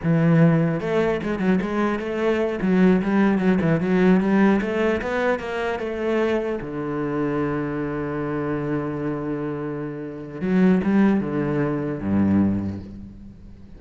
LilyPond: \new Staff \with { instrumentName = "cello" } { \time 4/4 \tempo 4 = 150 e2 a4 gis8 fis8 | gis4 a4. fis4 g8~ | g8 fis8 e8 fis4 g4 a8~ | a8 b4 ais4 a4.~ |
a8 d2.~ d8~ | d1~ | d2 fis4 g4 | d2 g,2 | }